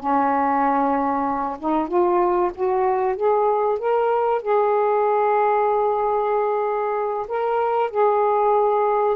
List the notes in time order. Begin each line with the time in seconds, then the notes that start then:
0.00 C#4
1.60 D#4
1.88 F4
2.55 F#4
3.16 G#4
3.79 A#4
4.42 G#4
7.28 A#4
7.91 G#4